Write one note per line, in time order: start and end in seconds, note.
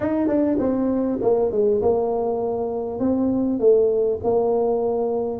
0.00 0.27 D#4
0.27 0.57 D4
0.59 1.19 C4
1.21 1.51 A#3
1.51 1.81 G#3
1.81 2.99 A#3
2.99 3.59 C4
3.59 4.19 A3
4.23 5.40 A#3